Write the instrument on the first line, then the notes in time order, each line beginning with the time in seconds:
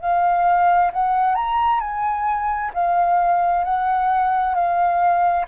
flute
0.00 F5
0.93 F#5
1.35 A#5
1.80 G#5
2.74 F5
3.64 F#5
4.54 F5